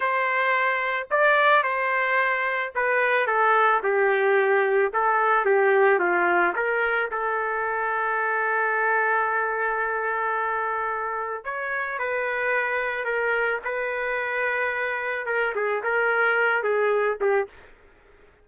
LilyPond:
\new Staff \with { instrumentName = "trumpet" } { \time 4/4 \tempo 4 = 110 c''2 d''4 c''4~ | c''4 b'4 a'4 g'4~ | g'4 a'4 g'4 f'4 | ais'4 a'2.~ |
a'1~ | a'4 cis''4 b'2 | ais'4 b'2. | ais'8 gis'8 ais'4. gis'4 g'8 | }